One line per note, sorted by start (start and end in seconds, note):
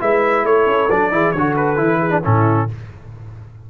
0.00 0.44 G#3
0.00 0.90 E4
0.00 0.46 B4
0.00 0.46 E5
0.44 0.67 A3
0.44 1.13 A4
0.44 0.90 C#5
0.67 0.89 C#4
0.90 1.11 F#3
0.90 1.12 D4
0.90 1.32 D5
1.11 1.34 E3
1.11 1.34 E4
1.11 1.35 G#4
1.32 1.78 D3
1.32 1.76 F#4
1.32 2.00 A4
1.32 1.54 C#5
1.56 2.24 B4
1.76 2.23 E3
1.76 2.10 E4
2.00 2.23 G#4
2.10 2.21 D4
2.23 2.71 A2
2.23 2.69 C#4
2.23 2.68 E4
2.23 2.70 A4